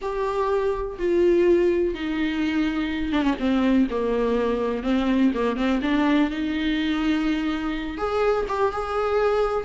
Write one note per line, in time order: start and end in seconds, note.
0.01 0.98 G4
0.99 1.94 F4
1.94 3.12 D#4
3.12 3.22 D4
3.22 3.34 C#4
3.39 3.87 C4
3.90 4.83 A#3
4.83 5.31 C4
5.34 5.56 A#3
5.56 5.80 C4
5.82 6.30 D4
6.30 7.97 D#4
7.97 8.45 G#4
8.48 8.71 G4
8.71 9.64 G#4